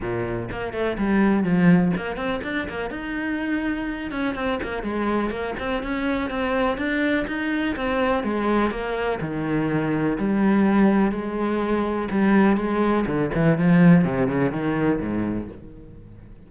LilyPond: \new Staff \with { instrumentName = "cello" } { \time 4/4 \tempo 4 = 124 ais,4 ais8 a8 g4 f4 | ais8 c'8 d'8 ais8 dis'2~ | dis'8 cis'8 c'8 ais8 gis4 ais8 c'8 | cis'4 c'4 d'4 dis'4 |
c'4 gis4 ais4 dis4~ | dis4 g2 gis4~ | gis4 g4 gis4 d8 e8 | f4 c8 cis8 dis4 gis,4 | }